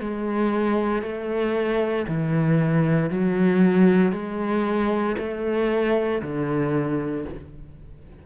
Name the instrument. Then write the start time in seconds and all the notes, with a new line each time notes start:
cello
0.00 G#3
1.02 A3
2.08 E3
3.10 F#3
4.12 G#3
5.18 A3
6.22 D3